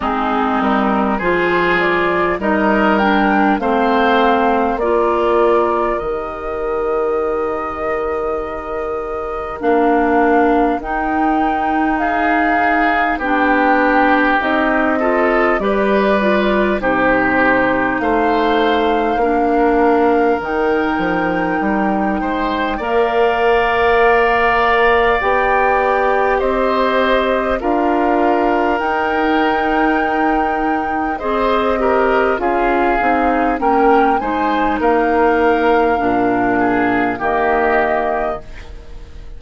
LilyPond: <<
  \new Staff \with { instrumentName = "flute" } { \time 4/4 \tempo 4 = 50 gis'8 ais'8 c''8 d''8 dis''8 g''8 f''4 | d''4 dis''2. | f''4 g''4 f''4 g''4 | dis''4 d''4 c''4 f''4~ |
f''4 g''2 f''4~ | f''4 g''4 dis''4 f''4 | g''2 dis''4 f''4 | g''8 gis''8 f''2 dis''4 | }
  \new Staff \with { instrumentName = "oboe" } { \time 4/4 dis'4 gis'4 ais'4 c''4 | ais'1~ | ais'2 gis'4 g'4~ | g'8 a'8 b'4 g'4 c''4 |
ais'2~ ais'8 c''8 d''4~ | d''2 c''4 ais'4~ | ais'2 c''8 ais'8 gis'4 | ais'8 c''8 ais'4. gis'8 g'4 | }
  \new Staff \with { instrumentName = "clarinet" } { \time 4/4 c'4 f'4 dis'8 d'8 c'4 | f'4 g'2. | d'4 dis'2 d'4 | dis'8 f'8 g'8 f'8 dis'2 |
d'4 dis'2 ais'4~ | ais'4 g'2 f'4 | dis'2 gis'8 g'8 f'8 dis'8 | cis'8 dis'4. d'4 ais4 | }
  \new Staff \with { instrumentName = "bassoon" } { \time 4/4 gis8 g8 f4 g4 a4 | ais4 dis2. | ais4 dis'2 b4 | c'4 g4 c4 a4 |
ais4 dis8 f8 g8 gis8 ais4~ | ais4 b4 c'4 d'4 | dis'2 c'4 cis'8 c'8 | ais8 gis8 ais4 ais,4 dis4 | }
>>